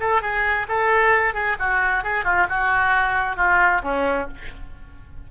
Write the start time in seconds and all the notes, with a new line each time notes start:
0.00 A4
0.22 G#4
0.68 A4
1.34 G#4
1.59 F#4
2.04 G#4
2.24 F4
2.49 F#4
3.36 F4
3.83 C#4